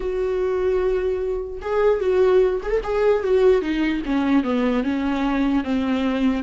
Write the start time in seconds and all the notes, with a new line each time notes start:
0.00 F#4
1.61 G#4
2.00 F#4
2.62 G#4
2.70 A4
2.83 G#4
3.23 F#4
3.61 D#4
4.05 C#4
4.43 B3
4.83 C#4
5.63 C4